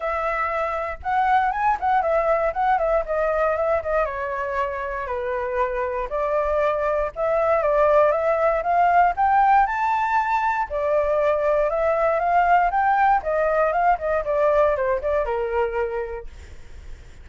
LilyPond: \new Staff \with { instrumentName = "flute" } { \time 4/4 \tempo 4 = 118 e''2 fis''4 gis''8 fis''8 | e''4 fis''8 e''8 dis''4 e''8 dis''8 | cis''2 b'2 | d''2 e''4 d''4 |
e''4 f''4 g''4 a''4~ | a''4 d''2 e''4 | f''4 g''4 dis''4 f''8 dis''8 | d''4 c''8 d''8 ais'2 | }